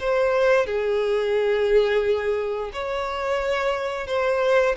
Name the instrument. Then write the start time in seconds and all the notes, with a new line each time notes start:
violin
0.00 C5
0.67 G#4
2.73 C#5
4.07 C5